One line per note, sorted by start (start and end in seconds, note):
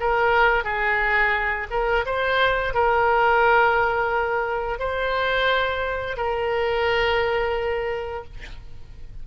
0.00 0.64 A#4
0.64 1.67 G#4
1.71 2.05 A#4
2.06 2.74 C5
2.74 4.79 A#4
4.79 6.17 C5
6.17 8.24 A#4